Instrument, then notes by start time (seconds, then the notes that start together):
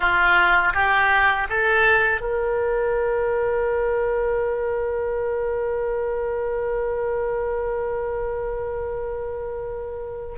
oboe
0.00 F4
0.73 G4
1.49 A4
2.21 A#4